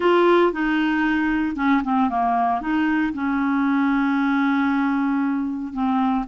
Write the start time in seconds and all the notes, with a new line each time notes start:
0.00 F4
0.52 D#4
1.56 C#4
1.83 C4
2.09 A#3
2.61 D#4
3.13 C#4
5.73 C4